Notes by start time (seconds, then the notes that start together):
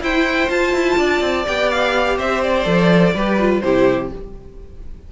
0.00 E4 C5 G5
0.49 F4 A5
0.73 E4
0.97 D4 D5
1.20 C4
1.45 B3 G4 G5
1.70 F5
2.17 C4 C5 E5
2.43 D5
2.64 F3 A4
3.14 G3 G4 B4
3.39 F4
3.60 C3 E4 G4 C5